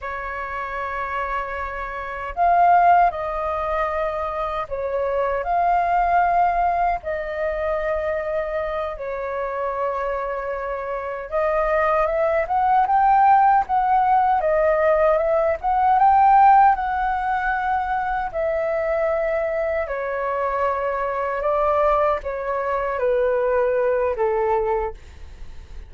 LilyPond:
\new Staff \with { instrumentName = "flute" } { \time 4/4 \tempo 4 = 77 cis''2. f''4 | dis''2 cis''4 f''4~ | f''4 dis''2~ dis''8 cis''8~ | cis''2~ cis''8 dis''4 e''8 |
fis''8 g''4 fis''4 dis''4 e''8 | fis''8 g''4 fis''2 e''8~ | e''4. cis''2 d''8~ | d''8 cis''4 b'4. a'4 | }